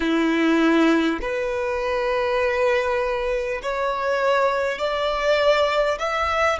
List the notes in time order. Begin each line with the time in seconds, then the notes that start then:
0.00 E4
1.21 B4
3.62 C#5
4.78 D5
5.98 E5